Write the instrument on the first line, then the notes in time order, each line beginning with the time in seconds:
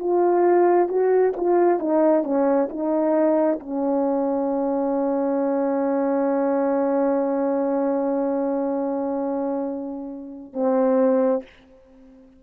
horn
0.00 F4
0.88 F#4
1.36 F4
1.80 D#4
2.24 C#4
2.69 D#4
3.59 C#4
10.53 C4